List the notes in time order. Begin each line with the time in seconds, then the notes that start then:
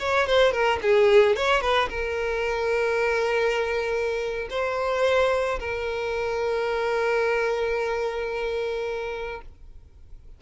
0.00 C#5
0.27 C5
0.52 A#4
0.82 G#4
1.36 C#5
1.62 B4
1.90 A#4
4.50 C5
5.60 A#4